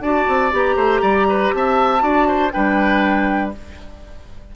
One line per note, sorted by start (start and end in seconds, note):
0.00 0.25 D4
0.00 0.52 F#4
0.00 0.77 D5
0.00 0.52 A5
0.28 0.53 C4
0.52 0.76 B3
0.52 1.99 G4
0.52 1.54 A#5
0.76 1.01 A3
0.76 1.02 C5
1.02 1.52 G3
1.02 1.27 D5
1.29 1.54 B4
1.54 2.02 C4
1.54 2.03 E5
1.54 2.52 A5
1.99 2.52 D4
1.99 2.49 F#4
1.99 2.28 D5
2.28 2.53 C5
2.52 3.56 G3
2.52 3.53 D4
2.52 3.54 B4
2.52 3.52 G5